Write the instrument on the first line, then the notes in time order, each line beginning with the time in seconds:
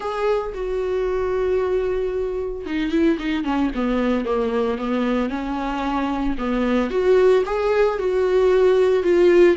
viola
0.00 G#4
0.54 F#4
2.65 D#4
2.91 E4
3.18 D#4
3.44 C#4
3.75 B3
4.25 A#3
4.78 B3
5.29 C#4
6.37 B3
6.90 F#4
7.45 G#4
7.98 F#4
9.03 F4